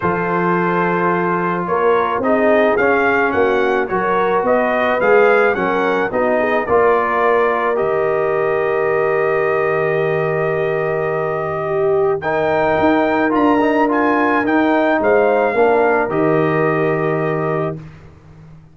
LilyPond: <<
  \new Staff \with { instrumentName = "trumpet" } { \time 4/4 \tempo 4 = 108 c''2. cis''4 | dis''4 f''4 fis''4 cis''4 | dis''4 f''4 fis''4 dis''4 | d''2 dis''2~ |
dis''1~ | dis''2 g''2 | ais''4 gis''4 g''4 f''4~ | f''4 dis''2. | }
  \new Staff \with { instrumentName = "horn" } { \time 4/4 a'2. ais'4 | gis'2 fis'4 ais'4 | b'2 ais'4 fis'8 gis'8 | ais'1~ |
ais'1~ | ais'4 g'4 ais'2~ | ais'2. c''4 | ais'1 | }
  \new Staff \with { instrumentName = "trombone" } { \time 4/4 f'1 | dis'4 cis'2 fis'4~ | fis'4 gis'4 cis'4 dis'4 | f'2 g'2~ |
g'1~ | g'2 dis'2 | f'8 dis'8 f'4 dis'2 | d'4 g'2. | }
  \new Staff \with { instrumentName = "tuba" } { \time 4/4 f2. ais4 | c'4 cis'4 ais4 fis4 | b4 gis4 fis4 b4 | ais2 dis2~ |
dis1~ | dis2. dis'4 | d'2 dis'4 gis4 | ais4 dis2. | }
>>